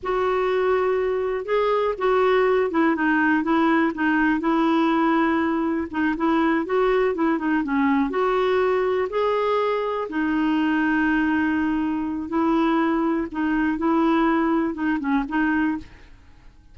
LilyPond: \new Staff \with { instrumentName = "clarinet" } { \time 4/4 \tempo 4 = 122 fis'2. gis'4 | fis'4. e'8 dis'4 e'4 | dis'4 e'2. | dis'8 e'4 fis'4 e'8 dis'8 cis'8~ |
cis'8 fis'2 gis'4.~ | gis'8 dis'2.~ dis'8~ | dis'4 e'2 dis'4 | e'2 dis'8 cis'8 dis'4 | }